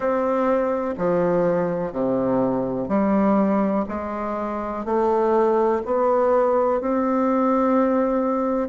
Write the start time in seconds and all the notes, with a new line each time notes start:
0.00 C4
0.97 F3
1.92 C3
2.88 G3
3.88 G#3
4.85 A3
5.85 B3
6.80 C4